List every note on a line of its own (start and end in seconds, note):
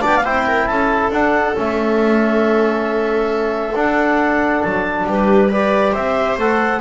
0.00 0.25 B3
0.00 0.22 D4
0.00 0.23 D5
0.00 0.16 G5
0.16 0.25 F5
0.25 0.69 C4
0.25 1.12 E4
0.25 0.46 C5
0.25 0.67 G5
0.46 0.68 A#4
0.67 1.10 C#4
0.67 5.07 A4
0.67 1.11 A5
1.10 1.54 D4
1.10 1.56 F#5
1.54 3.75 A3
1.54 3.73 C#4
1.54 3.77 E5
3.75 4.62 D4
3.75 5.50 D4
3.75 4.63 F#5
4.63 5.04 F#3
4.63 5.06 A5
5.04 5.92 G3
5.04 5.49 G4
5.04 5.52 B4
5.49 6.38 G4
5.49 5.92 B4
5.49 5.94 D5
5.92 6.37 C4
5.92 6.80 C5
5.92 6.37 E5
6.37 6.80 A3
6.37 6.80 A4
6.37 6.80 F#5